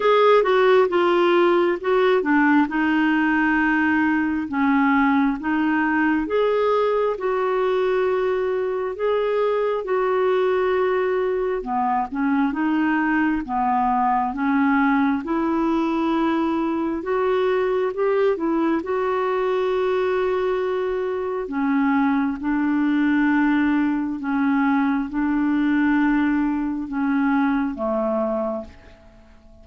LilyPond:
\new Staff \with { instrumentName = "clarinet" } { \time 4/4 \tempo 4 = 67 gis'8 fis'8 f'4 fis'8 d'8 dis'4~ | dis'4 cis'4 dis'4 gis'4 | fis'2 gis'4 fis'4~ | fis'4 b8 cis'8 dis'4 b4 |
cis'4 e'2 fis'4 | g'8 e'8 fis'2. | cis'4 d'2 cis'4 | d'2 cis'4 a4 | }